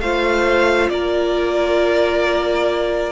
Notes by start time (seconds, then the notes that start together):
0.00 A3 F4 C5 F5
0.90 A#3 A#4 D5